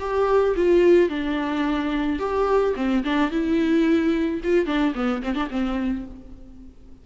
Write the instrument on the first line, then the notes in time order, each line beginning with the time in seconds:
viola
0.00 G4
0.57 F4
1.09 D4
2.20 G4
2.76 C4
3.05 D4
3.31 E4
4.44 F4
4.66 D4
4.95 B3
5.23 C4
5.35 D4
5.51 C4